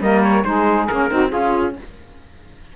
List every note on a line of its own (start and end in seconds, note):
0.00 0.44 G3
0.00 0.44 A#3
0.00 0.45 A#4
0.00 0.23 D#5
0.23 0.44 C#5
0.44 0.88 G#3
0.44 0.88 D#4
0.44 1.10 G#4
0.44 0.87 C5
0.87 1.11 A#3
0.87 1.10 C#4
0.87 1.31 A#4
1.10 1.32 C4
1.10 1.28 D#4
1.10 1.29 F#4
1.28 1.76 C#4
1.28 1.72 F4
1.28 1.73 F4
1.28 1.75 G#4